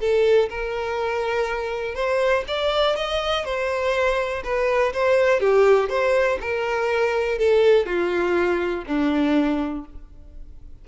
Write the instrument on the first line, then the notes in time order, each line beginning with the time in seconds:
violin
0.00 A4
0.50 A#4
1.95 C5
2.48 D5
2.96 D#5
3.45 C5
4.44 B4
4.94 C5
5.40 G4
5.89 C5
6.41 A#4
7.39 A4
7.86 F4
8.87 D4